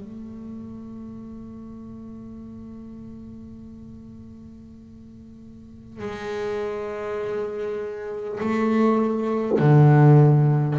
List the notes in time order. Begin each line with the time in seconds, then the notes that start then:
0.00 A3
5.99 G#3
8.40 A3
9.58 D3